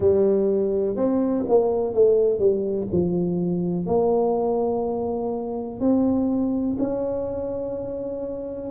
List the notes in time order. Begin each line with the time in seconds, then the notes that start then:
0.00 G3
0.96 C4
1.48 A#3
1.94 A3
2.39 G3
2.92 F3
3.86 A#3
5.79 C4
6.78 C#4